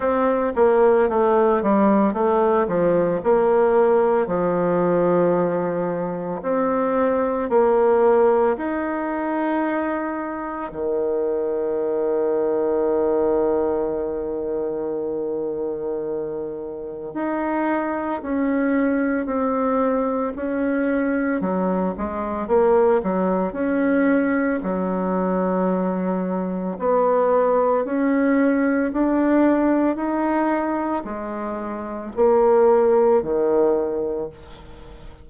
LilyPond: \new Staff \with { instrumentName = "bassoon" } { \time 4/4 \tempo 4 = 56 c'8 ais8 a8 g8 a8 f8 ais4 | f2 c'4 ais4 | dis'2 dis2~ | dis1 |
dis'4 cis'4 c'4 cis'4 | fis8 gis8 ais8 fis8 cis'4 fis4~ | fis4 b4 cis'4 d'4 | dis'4 gis4 ais4 dis4 | }